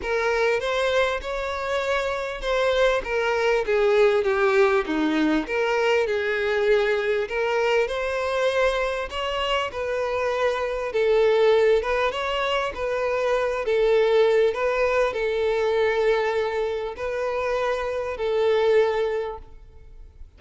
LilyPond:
\new Staff \with { instrumentName = "violin" } { \time 4/4 \tempo 4 = 99 ais'4 c''4 cis''2 | c''4 ais'4 gis'4 g'4 | dis'4 ais'4 gis'2 | ais'4 c''2 cis''4 |
b'2 a'4. b'8 | cis''4 b'4. a'4. | b'4 a'2. | b'2 a'2 | }